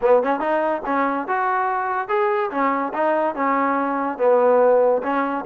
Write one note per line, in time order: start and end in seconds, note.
0.01 0.22 B3
0.23 0.40 C#4
0.40 0.82 D#4
0.85 1.27 C#4
1.27 2.08 F#4
2.08 2.50 G#4
2.50 2.92 C#4
2.93 3.35 D#4
3.35 4.17 C#4
4.17 5.01 B3
5.03 5.45 C#4